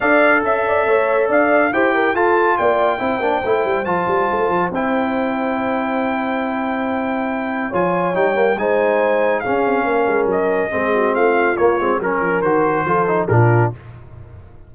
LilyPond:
<<
  \new Staff \with { instrumentName = "trumpet" } { \time 4/4 \tempo 4 = 140 f''4 e''2 f''4 | g''4 a''4 g''2~ | g''4 a''2 g''4~ | g''1~ |
g''2 gis''4 g''4 | gis''2 f''2 | dis''2 f''4 cis''4 | ais'4 c''2 ais'4 | }
  \new Staff \with { instrumentName = "horn" } { \time 4/4 d''4 e''8 d''8 cis''4 d''4 | c''8 ais'8 a'4 d''4 c''4~ | c''1~ | c''1~ |
c''2 cis''2 | c''2 gis'4 ais'4~ | ais'4 gis'8 fis'8 f'2 | ais'2 a'4 f'4 | }
  \new Staff \with { instrumentName = "trombone" } { \time 4/4 a'1 | g'4 f'2 e'8 d'8 | e'4 f'2 e'4~ | e'1~ |
e'2 f'4 dis'8 ais8 | dis'2 cis'2~ | cis'4 c'2 ais8 c'8 | cis'4 fis'4 f'8 dis'8 d'4 | }
  \new Staff \with { instrumentName = "tuba" } { \time 4/4 d'4 cis'4 a4 d'4 | e'4 f'4 ais4 c'8 ais8 | a8 g8 f8 g8 a8 f8 c'4~ | c'1~ |
c'2 f4 g4 | gis2 cis'8 c'8 ais8 gis8 | fis4 gis4 a4 ais8 gis8 | fis8 f8 dis4 f4 ais,4 | }
>>